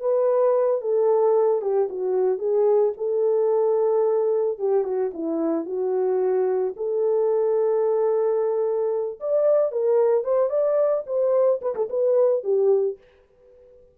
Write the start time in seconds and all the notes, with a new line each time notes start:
0.00 B4
0.81 A4
1.61 G4
1.89 F#4
2.38 G#4
2.97 A4
4.58 G4
4.84 F#4
5.14 E4
5.66 F#4
6.76 A4
9.20 D5
9.71 A#4
10.24 C5
10.49 D5
11.06 C5
11.61 B4
11.75 A4
11.89 B4
12.43 G4